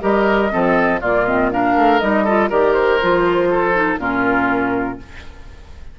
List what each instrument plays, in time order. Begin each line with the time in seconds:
0.00 bassoon G3, clarinet G4, oboe A#4, flute D#5
0.50 bassoon F3, clarinet C4, oboe A4
1.01 bassoon A#2, clarinet A#3, oboe F4, flute D5
1.26 clarinet C4, flute D#5
1.51 clarinet D4, oboe A#4, flute F5
1.76 bassoon A3
1.99 bassoon G3, clarinet D#4, flute D#5
2.24 clarinet F4, oboe A4
2.49 bassoon D#3, clarinet G4, oboe A#4, flute D5
2.73 flute C5
3.02 bassoon F3, clarinet F4
3.50 oboe A4
3.73 clarinet D#4
3.98 bassoon A#2, clarinet C#4, oboe F4, flute A#4